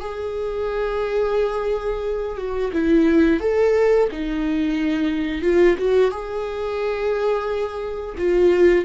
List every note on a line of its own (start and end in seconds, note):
0.00 2.37 G#4
2.37 2.71 F#4
2.73 3.40 E4
3.40 4.08 A4
4.12 5.42 D#4
5.42 5.76 F4
5.78 6.11 F#4
6.11 8.15 G#4
8.18 8.85 F4